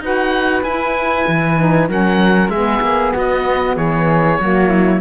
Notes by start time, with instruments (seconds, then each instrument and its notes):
0.00 cello D#4, saxophone F#4, flute B4, oboe F#5
0.63 cello E4, saxophone E4, oboe G#5
1.28 cello E3
1.59 saxophone D#4
1.89 cello F#3, saxophone C#4, flute A#4, oboe F#5
2.49 cello G#3, saxophone B3, flute G#4, oboe E5
2.81 cello A#3
3.13 cello B3, flute F#4, oboe D#5
3.76 cello E3, flute G#4, oboe C#5
4.40 cello F#3, saxophone A#3, flute F#4
4.69 flute E4